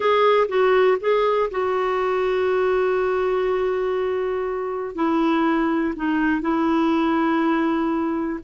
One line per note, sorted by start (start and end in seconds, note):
0.00 0.47 G#4
0.48 0.98 F#4
1.00 1.49 G#4
1.50 4.95 F#4
4.95 5.94 E4
5.96 6.41 D#4
6.41 8.39 E4